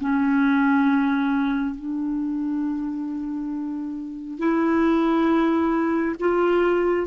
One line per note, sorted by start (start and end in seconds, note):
0.00 1.75 C#4
1.75 4.39 D4
4.39 6.15 E4
6.19 7.07 F4